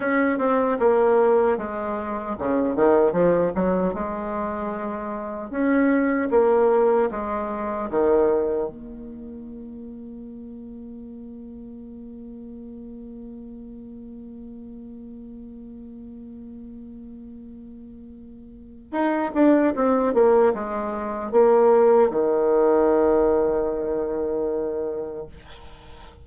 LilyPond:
\new Staff \with { instrumentName = "bassoon" } { \time 4/4 \tempo 4 = 76 cis'8 c'8 ais4 gis4 cis8 dis8 | f8 fis8 gis2 cis'4 | ais4 gis4 dis4 ais4~ | ais1~ |
ais1~ | ais1 | dis'8 d'8 c'8 ais8 gis4 ais4 | dis1 | }